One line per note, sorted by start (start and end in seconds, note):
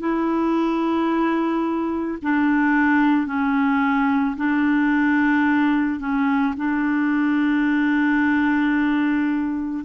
0.00 2.18 E4
2.23 3.27 D4
3.27 4.36 C#4
4.37 6.00 D4
6.00 6.55 C#4
6.57 9.84 D4